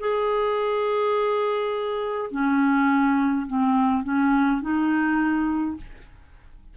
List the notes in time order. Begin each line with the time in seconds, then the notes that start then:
0.00 G#4
2.31 C#4
3.47 C4
4.04 C#4
4.62 D#4